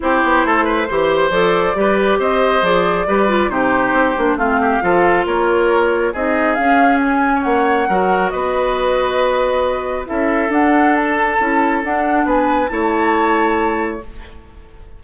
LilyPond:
<<
  \new Staff \with { instrumentName = "flute" } { \time 4/4 \tempo 4 = 137 c''2. d''4~ | d''4 dis''4 d''2 | c''2 f''2 | cis''2 dis''4 f''4 |
gis''4 fis''2 dis''4~ | dis''2. e''4 | fis''4 a''2 fis''4 | gis''4 a''2. | }
  \new Staff \with { instrumentName = "oboe" } { \time 4/4 g'4 a'8 b'8 c''2 | b'4 c''2 b'4 | g'2 f'8 g'8 a'4 | ais'2 gis'2~ |
gis'8. cis''4~ cis''16 ais'4 b'4~ | b'2. a'4~ | a'1 | b'4 cis''2. | }
  \new Staff \with { instrumentName = "clarinet" } { \time 4/4 e'2 g'4 a'4 | g'2 gis'4 g'8 f'8 | dis'4. d'8 c'4 f'4~ | f'2 dis'4 cis'4~ |
cis'2 fis'2~ | fis'2. e'4 | d'2 e'4 d'4~ | d'4 e'2. | }
  \new Staff \with { instrumentName = "bassoon" } { \time 4/4 c'8 b8 a4 e4 f4 | g4 c'4 f4 g4 | c4 c'8 ais8 a4 f4 | ais2 c'4 cis'4~ |
cis'4 ais4 fis4 b4~ | b2. cis'4 | d'2 cis'4 d'4 | b4 a2. | }
>>